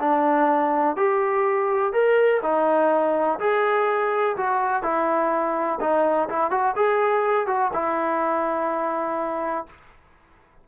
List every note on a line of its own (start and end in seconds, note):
0.00 0.96 D4
0.96 1.93 G4
1.93 2.41 A#4
2.43 3.39 D#4
3.40 4.37 G#4
4.37 4.83 F#4
4.83 5.80 E4
5.81 6.29 D#4
6.29 6.51 E4
6.51 6.75 F#4
6.76 7.47 G#4
7.47 7.71 F#4
7.73 9.67 E4